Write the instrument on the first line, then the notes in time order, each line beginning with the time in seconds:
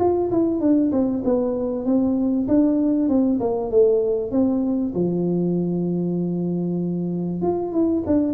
tuba
0.00 F4
0.31 E4
0.61 D4
0.92 C4
1.25 B3
1.85 C4
2.48 D4
3.09 C4
3.40 A#3
3.71 A3
4.32 C4
4.95 F3
7.42 F4
7.73 E4
8.07 D4